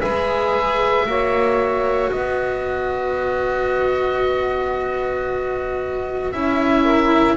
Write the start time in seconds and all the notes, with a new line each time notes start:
0.00 G#3 G#4 B4 E5
1.06 A#3 F#4 C#5
2.11 B3 B4 D#5
6.31 C#4 E4 E5
6.82 A#4